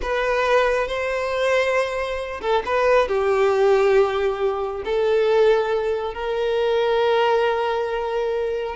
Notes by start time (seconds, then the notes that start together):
0.02 B4
0.87 C5
2.41 A4
2.65 B4
3.08 G4
4.84 A4
6.14 A#4